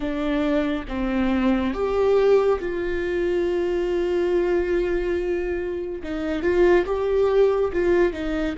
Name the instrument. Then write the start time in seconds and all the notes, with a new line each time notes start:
viola
0.00 D4
0.88 C4
1.73 G4
2.59 F4
6.03 D#4
6.42 F4
6.85 G4
7.73 F4
8.12 D#4